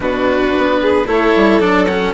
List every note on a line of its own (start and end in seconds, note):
0.00 0.51 B2
0.00 1.04 D4
0.00 0.80 F#4
0.00 1.07 B4
0.57 1.06 B3
0.80 1.07 G#4
1.06 1.33 A3
1.06 1.60 E4
1.06 2.13 A4
1.06 1.60 C#5
1.35 1.60 G3
1.60 2.13 F#3
1.60 1.87 D4
1.60 1.85 D5
1.85 2.13 C#4
1.85 2.12 F#5